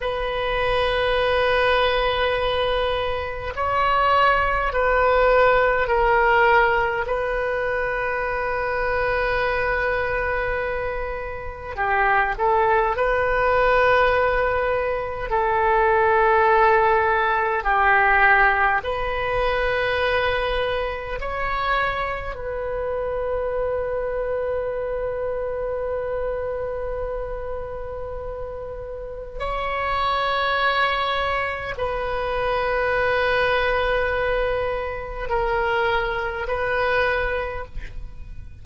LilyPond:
\new Staff \with { instrumentName = "oboe" } { \time 4/4 \tempo 4 = 51 b'2. cis''4 | b'4 ais'4 b'2~ | b'2 g'8 a'8 b'4~ | b'4 a'2 g'4 |
b'2 cis''4 b'4~ | b'1~ | b'4 cis''2 b'4~ | b'2 ais'4 b'4 | }